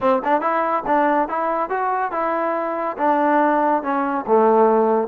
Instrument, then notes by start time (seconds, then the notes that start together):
trombone
0.00 C4
0.24 D4
0.41 E4
0.86 D4
1.28 E4
1.69 F#4
2.11 E4
2.97 D4
3.82 C#4
4.26 A3